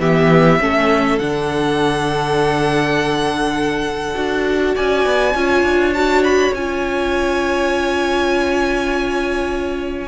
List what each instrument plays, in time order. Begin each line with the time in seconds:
0.00 cello E3, viola B3, violin G4 E5
0.60 cello A3, viola C#4, violin A4
1.19 cello D3, viola D4, violin F#5
4.14 cello D4, viola F#4
4.75 cello C#4, violin D5 G#5
5.05 cello B3
5.35 cello C#4, viola F4, violin C#5
5.62 cello D4
5.94 viola F#4, violin A5
6.24 violin B5
6.53 cello C#4, viola F4, violin G#5